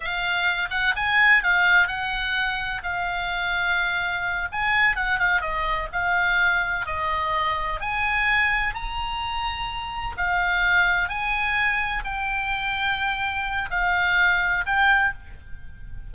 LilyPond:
\new Staff \with { instrumentName = "oboe" } { \time 4/4 \tempo 4 = 127 f''4. fis''8 gis''4 f''4 | fis''2 f''2~ | f''4. gis''4 fis''8 f''8 dis''8~ | dis''8 f''2 dis''4.~ |
dis''8 gis''2 ais''4.~ | ais''4. f''2 gis''8~ | gis''4. g''2~ g''8~ | g''4 f''2 g''4 | }